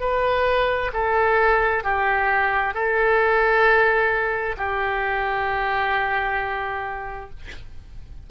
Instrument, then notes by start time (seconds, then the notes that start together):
oboe
0.00 B4
0.93 A4
1.83 G4
2.74 A4
4.57 G4